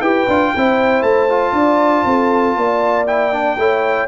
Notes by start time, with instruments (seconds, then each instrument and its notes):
0.00 tuba E4, trombone G4, horn B4, trumpet G5
0.27 tuba D4, trombone F4
0.54 tuba C4, trombone E4, horn C5
1.02 tuba A3, trumpet A5
1.29 trombone F4
1.52 tuba D4, horn D5
2.05 tuba C4, horn A4
2.56 tuba A#3, horn D5
3.07 trombone E4, trumpet G5
3.31 trombone D4
3.56 tuba A3, trombone E4, horn C#5